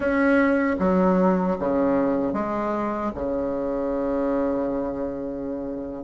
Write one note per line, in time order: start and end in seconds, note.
0.00 0.76 C#4
0.79 1.57 F#3
1.59 2.33 C#3
2.33 3.11 G#3
3.15 6.03 C#3